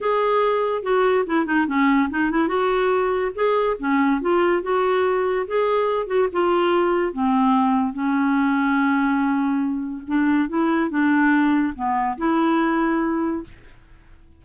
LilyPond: \new Staff \with { instrumentName = "clarinet" } { \time 4/4 \tempo 4 = 143 gis'2 fis'4 e'8 dis'8 | cis'4 dis'8 e'8 fis'2 | gis'4 cis'4 f'4 fis'4~ | fis'4 gis'4. fis'8 f'4~ |
f'4 c'2 cis'4~ | cis'1 | d'4 e'4 d'2 | b4 e'2. | }